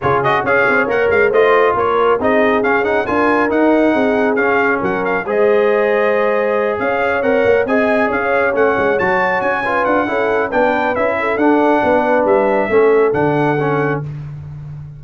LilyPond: <<
  \new Staff \with { instrumentName = "trumpet" } { \time 4/4 \tempo 4 = 137 cis''8 dis''8 f''4 fis''8 f''8 dis''4 | cis''4 dis''4 f''8 fis''8 gis''4 | fis''2 f''4 fis''8 f''8 | dis''2.~ dis''8 f''8~ |
f''8 fis''4 gis''4 f''4 fis''8~ | fis''8 a''4 gis''4 fis''4. | g''4 e''4 fis''2 | e''2 fis''2 | }
  \new Staff \with { instrumentName = "horn" } { \time 4/4 gis'4 cis''2 c''4 | ais'4 gis'2 ais'4~ | ais'4 gis'2 ais'4 | c''2.~ c''8 cis''8~ |
cis''4. dis''4 cis''4.~ | cis''2 b'4 a'4 | b'4. a'4. b'4~ | b'4 a'2. | }
  \new Staff \with { instrumentName = "trombone" } { \time 4/4 f'8 fis'8 gis'4 ais'4 f'4~ | f'4 dis'4 cis'8 dis'8 f'4 | dis'2 cis'2 | gis'1~ |
gis'8 ais'4 gis'2 cis'8~ | cis'8 fis'4. f'4 e'4 | d'4 e'4 d'2~ | d'4 cis'4 d'4 cis'4 | }
  \new Staff \with { instrumentName = "tuba" } { \time 4/4 cis4 cis'8 c'8 ais8 gis8 a4 | ais4 c'4 cis'4 d'4 | dis'4 c'4 cis'4 fis4 | gis2.~ gis8 cis'8~ |
cis'8 c'8 ais8 c'4 cis'4 a8 | gis8 fis4 cis'4 d'8 cis'4 | b4 cis'4 d'4 b4 | g4 a4 d2 | }
>>